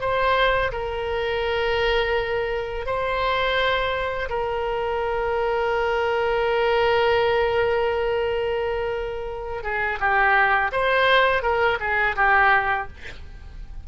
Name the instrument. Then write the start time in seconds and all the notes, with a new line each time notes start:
oboe
0.00 C5
0.71 A#4
2.85 C5
4.29 A#4
9.63 G#4
9.99 G4
10.71 C5
11.42 A#4
11.80 G#4
12.16 G4